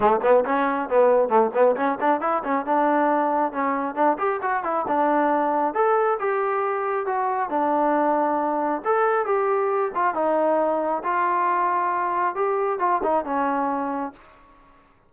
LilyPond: \new Staff \with { instrumentName = "trombone" } { \time 4/4 \tempo 4 = 136 a8 b8 cis'4 b4 a8 b8 | cis'8 d'8 e'8 cis'8 d'2 | cis'4 d'8 g'8 fis'8 e'8 d'4~ | d'4 a'4 g'2 |
fis'4 d'2. | a'4 g'4. f'8 dis'4~ | dis'4 f'2. | g'4 f'8 dis'8 cis'2 | }